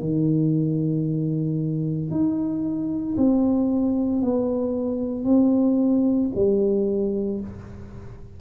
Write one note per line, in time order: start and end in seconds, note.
0.00 2.11 D#3
2.11 3.16 D#4
3.17 4.22 C4
4.22 5.24 B3
5.24 6.30 C4
6.35 7.40 G3